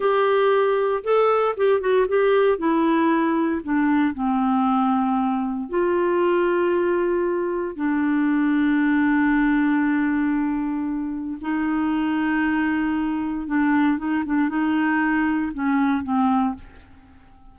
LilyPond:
\new Staff \with { instrumentName = "clarinet" } { \time 4/4 \tempo 4 = 116 g'2 a'4 g'8 fis'8 | g'4 e'2 d'4 | c'2. f'4~ | f'2. d'4~ |
d'1~ | d'2 dis'2~ | dis'2 d'4 dis'8 d'8 | dis'2 cis'4 c'4 | }